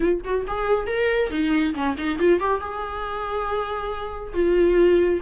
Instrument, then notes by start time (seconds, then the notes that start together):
viola
0.00 F4
0.24 F#4
0.47 G#4
0.87 A#4
1.30 D#4
1.74 C#4
1.97 D#4
2.19 F4
2.39 G4
2.60 G#4
4.33 F4